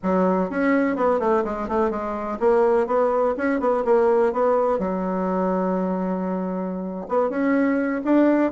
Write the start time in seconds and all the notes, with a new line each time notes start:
0.02 F#3
0.50 C#4
0.96 B3
1.19 A3
1.44 G#3
1.68 A3
1.90 G#3
2.39 A#3
2.86 B3
3.37 C#4
3.60 B3
3.84 A#3
4.32 B3
4.78 F#3
7.08 B3
7.29 C#4
8.04 D4